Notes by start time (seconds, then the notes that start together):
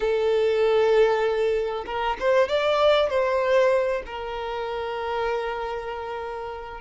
0.00 A4
1.86 A#4
2.19 C5
2.48 D5
3.09 C5
4.05 A#4